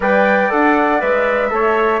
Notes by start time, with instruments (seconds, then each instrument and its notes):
0.00 bassoon G3, trombone B4, trumpet D5, flute G5
0.49 bassoon D4, trombone A4, flute F#5
0.99 bassoon G#3, trombone B4, flute E5
1.50 bassoon A3, trombone A4, trumpet C#5